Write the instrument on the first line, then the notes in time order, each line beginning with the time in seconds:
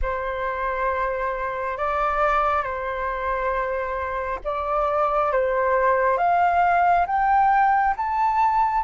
flute
0.02 C5
1.77 D5
2.62 C5
4.44 D5
5.31 C5
6.17 F5
7.06 G5
7.97 A5